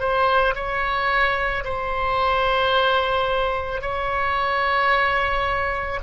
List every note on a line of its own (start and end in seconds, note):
0.00 0.55 C5
0.55 1.64 C#5
1.65 3.81 C5
3.81 6.00 C#5